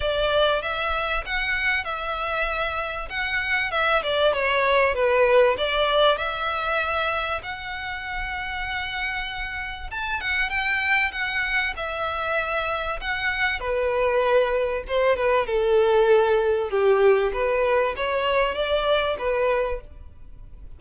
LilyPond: \new Staff \with { instrumentName = "violin" } { \time 4/4 \tempo 4 = 97 d''4 e''4 fis''4 e''4~ | e''4 fis''4 e''8 d''8 cis''4 | b'4 d''4 e''2 | fis''1 |
a''8 fis''8 g''4 fis''4 e''4~ | e''4 fis''4 b'2 | c''8 b'8 a'2 g'4 | b'4 cis''4 d''4 b'4 | }